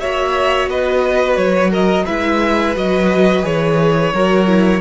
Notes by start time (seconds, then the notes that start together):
0.00 A#3 F#4 C#5 E5
0.68 B3 B4 D#5
1.36 F#3 C#5
1.70 A#4 D#5
2.06 G#3 E4 B4 E5
2.75 F#3 F#4 D#5
3.42 E3 G#4 C#5
4.14 F#3 F#4 A#4
4.47 E4